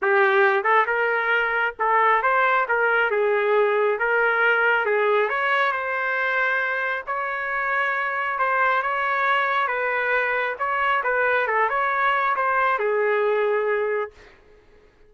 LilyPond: \new Staff \with { instrumentName = "trumpet" } { \time 4/4 \tempo 4 = 136 g'4. a'8 ais'2 | a'4 c''4 ais'4 gis'4~ | gis'4 ais'2 gis'4 | cis''4 c''2. |
cis''2. c''4 | cis''2 b'2 | cis''4 b'4 a'8 cis''4. | c''4 gis'2. | }